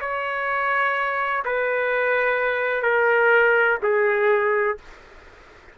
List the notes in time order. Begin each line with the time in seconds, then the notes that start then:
0.00 C#5
1.45 B4
2.82 A#4
3.82 G#4